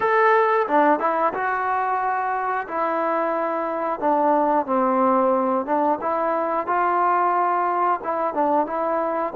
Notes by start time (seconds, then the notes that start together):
0.00 A4
0.67 D4
0.99 E4
1.33 F#4
2.67 E4
4.00 D4
4.65 C4
5.65 D4
6.01 E4
6.67 F4
8.03 E4
8.34 D4
8.66 E4